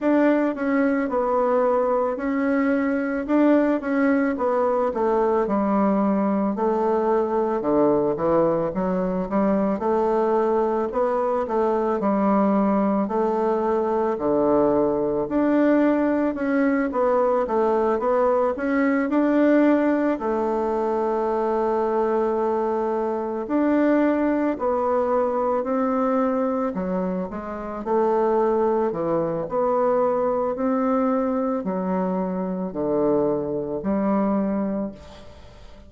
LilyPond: \new Staff \with { instrumentName = "bassoon" } { \time 4/4 \tempo 4 = 55 d'8 cis'8 b4 cis'4 d'8 cis'8 | b8 a8 g4 a4 d8 e8 | fis8 g8 a4 b8 a8 g4 | a4 d4 d'4 cis'8 b8 |
a8 b8 cis'8 d'4 a4.~ | a4. d'4 b4 c'8~ | c'8 fis8 gis8 a4 e8 b4 | c'4 fis4 d4 g4 | }